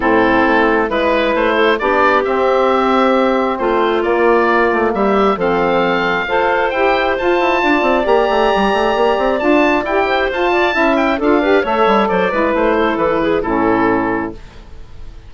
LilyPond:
<<
  \new Staff \with { instrumentName = "oboe" } { \time 4/4 \tempo 4 = 134 a'2 b'4 c''4 | d''4 e''2. | c''4 d''2 e''4 | f''2. g''4 |
a''2 ais''2~ | ais''4 a''4 g''4 a''4~ | a''8 g''8 f''4 e''4 d''4 | c''4 b'4 a'2 | }
  \new Staff \with { instrumentName = "clarinet" } { \time 4/4 e'2 b'4. a'8 | g'1 | f'2. g'4 | a'2 c''2~ |
c''4 d''2.~ | d''2~ d''8 c''4 d''8 | e''4 a'8 b'8 cis''4 c''8 b'8~ | b'8 a'4 gis'8 e'2 | }
  \new Staff \with { instrumentName = "saxophone" } { \time 4/4 c'2 e'2 | d'4 c'2.~ | c'4 ais2. | c'2 a'4 g'4 |
f'2 g'2~ | g'4 f'4 g'4 f'4 | e'4 f'8 g'8 a'4. e'8~ | e'2 cis'2 | }
  \new Staff \with { instrumentName = "bassoon" } { \time 4/4 a,4 a4 gis4 a4 | b4 c'2. | a4 ais4. a8 g4 | f2 f'4 e'4 |
f'8 e'8 d'8 c'8 ais8 a8 g8 a8 | ais8 c'8 d'4 e'4 f'4 | cis'4 d'4 a8 g8 fis8 gis8 | a4 e4 a,2 | }
>>